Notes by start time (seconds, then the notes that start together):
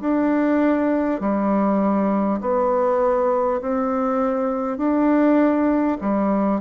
0.00 D4
1.20 G3
2.41 B3
3.61 C4
4.77 D4
6.01 G3